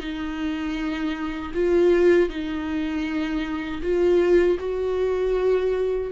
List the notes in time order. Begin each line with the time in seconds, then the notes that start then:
0.00 D#4
1.54 F4
2.30 D#4
3.83 F4
4.60 F#4